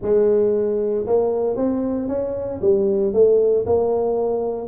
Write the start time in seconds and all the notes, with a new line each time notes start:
0.01 G#3
1.06 A#3
1.56 C4
2.08 C#4
2.61 G3
3.13 A3
3.65 A#3